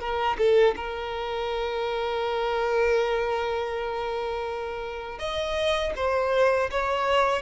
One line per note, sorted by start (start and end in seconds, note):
0.00 0.37 A#4
0.38 0.75 A4
0.76 5.19 A#4
5.19 5.93 D#5
5.96 6.70 C5
6.71 7.42 C#5